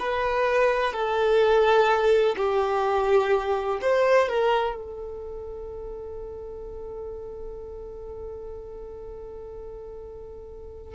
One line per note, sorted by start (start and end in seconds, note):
0.00 0.94 B4
0.94 2.36 A4
2.37 3.80 G4
3.82 4.29 C5
4.29 4.76 A#4
4.76 10.95 A4